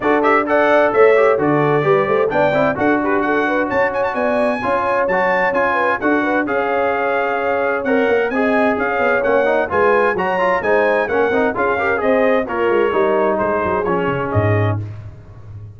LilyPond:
<<
  \new Staff \with { instrumentName = "trumpet" } { \time 4/4 \tempo 4 = 130 d''8 e''8 fis''4 e''4 d''4~ | d''4 g''4 fis''8 b'8 fis''4 | a''8 gis''16 a''16 gis''2 a''4 | gis''4 fis''4 f''2~ |
f''4 fis''4 gis''4 f''4 | fis''4 gis''4 ais''4 gis''4 | fis''4 f''4 dis''4 cis''4~ | cis''4 c''4 cis''4 dis''4 | }
  \new Staff \with { instrumentName = "horn" } { \time 4/4 a'4 d''4 cis''4 a'4 | b'8 c''8 d''4 a'8 g'8 a'8 b'8 | cis''4 d''4 cis''2~ | cis''8 b'8 a'8 b'8 cis''2~ |
cis''2 dis''4 cis''4~ | cis''4 b'4 cis''4 c''4 | ais'4 gis'8 ais'8 c''4 f'4 | ais'4 gis'2. | }
  \new Staff \with { instrumentName = "trombone" } { \time 4/4 fis'8 g'8 a'4. g'8 fis'4 | g'4 d'8 e'8 fis'2~ | fis'2 f'4 fis'4 | f'4 fis'4 gis'2~ |
gis'4 ais'4 gis'2 | cis'8 dis'8 f'4 fis'8 f'8 dis'4 | cis'8 dis'8 f'8 g'8 gis'4 ais'4 | dis'2 cis'2 | }
  \new Staff \with { instrumentName = "tuba" } { \time 4/4 d'2 a4 d4 | g8 a8 b8 c'8 d'2 | cis'4 b4 cis'4 fis4 | cis'4 d'4 cis'2~ |
cis'4 c'8 ais8 c'4 cis'8 b8 | ais4 gis4 fis4 gis4 | ais8 c'8 cis'4 c'4 ais8 gis8 | g4 gis8 fis8 f8 cis8 gis,4 | }
>>